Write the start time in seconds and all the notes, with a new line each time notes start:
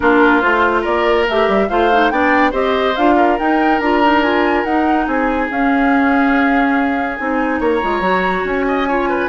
0.00 A#3 D4 F4 A#4
0.40 A3 F4 C5
0.81 A#3 A#4 D5
1.28 A3 G4 E5
1.47 G3
1.69 A3 F4 C5 F5
1.91 D#4
2.10 B3 D4 D5 G5
2.51 C4 G4 C5 D#5
2.96 D4 F4 F5
3.15 A#4
3.38 D#4 G5
3.79 D4 F4 A#5
4.03 D#4
4.22 F4 G#5
4.64 D#4 F#5
5.06 C4 G#4 G#5
5.50 C#4 F5
7.17 C4 D#4 G#5
7.60 A#3 C#5 A#5
7.82 G#3 F4
8.00 F#3 F#4
8.43 C#4 G#5
8.67 D#5
8.88 F4 C#5
9.09 B4